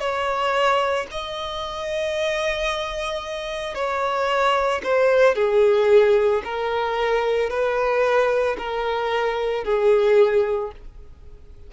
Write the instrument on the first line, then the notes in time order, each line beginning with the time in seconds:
violin
0.00 C#5
1.11 D#5
3.75 C#5
4.84 C5
5.36 G#4
6.45 A#4
7.50 B4
8.59 A#4
9.65 G#4